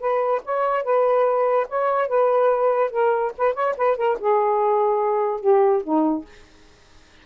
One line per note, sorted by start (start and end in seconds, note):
0.00 0.42 B4
0.45 0.84 C#5
0.84 1.67 B4
1.69 2.08 C#5
2.08 2.91 B4
2.91 3.32 A#4
3.38 3.54 B4
3.54 3.75 C#5
3.77 3.97 B4
3.97 4.18 A#4
4.20 5.41 G#4
5.41 5.82 G4
5.83 6.25 D#4